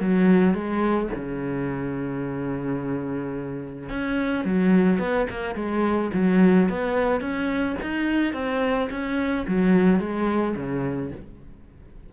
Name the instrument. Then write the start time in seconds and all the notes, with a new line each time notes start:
cello
0.00 F#3
0.54 G#3
1.15 C#3
3.89 C#4
4.45 F#3
4.99 B3
5.30 A#3
5.55 G#3
6.14 F#3
6.69 B3
7.20 C#4
7.82 D#4
8.33 C4
8.90 C#4
9.47 F#3
9.99 G#3
10.56 C#3